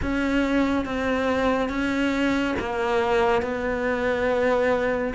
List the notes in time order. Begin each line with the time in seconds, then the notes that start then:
0.02 C#4
0.85 C4
1.69 C#4
2.59 A#3
3.42 B3